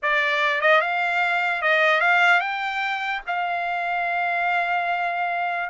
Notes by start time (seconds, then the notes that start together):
0.02 D5
0.61 D#5
0.81 F5
1.62 D#5
2.00 F5
2.40 G5
3.27 F5